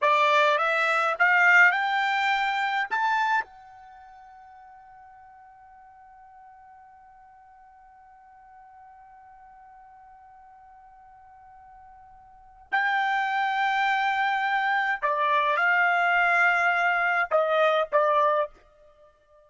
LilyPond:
\new Staff \with { instrumentName = "trumpet" } { \time 4/4 \tempo 4 = 104 d''4 e''4 f''4 g''4~ | g''4 a''4 fis''2~ | fis''1~ | fis''1~ |
fis''1~ | fis''2 g''2~ | g''2 d''4 f''4~ | f''2 dis''4 d''4 | }